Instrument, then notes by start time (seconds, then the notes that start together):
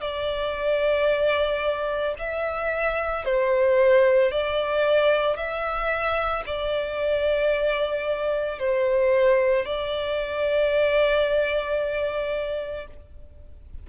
violin
0.00 D5
2.18 E5
3.24 C5
4.31 D5
5.36 E5
6.46 D5
8.59 C5
9.65 D5